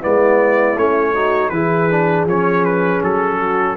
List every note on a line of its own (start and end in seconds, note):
0.00 0.75 G#3
0.00 0.75 B3
0.00 1.12 E4
0.00 0.78 D5
0.75 1.50 A3
0.75 1.14 C#4
0.75 1.49 C#5
1.14 1.52 D#4
1.14 1.51 F#4
1.49 2.25 E3
1.49 1.90 E4
1.49 3.38 G#4
1.49 2.24 B4
1.90 2.28 D4
2.25 3.00 F3
2.25 3.76 C#4
2.25 2.64 C#5
2.64 3.02 B4
3.03 3.76 F#3
3.03 3.76 A4
3.38 3.76 F#4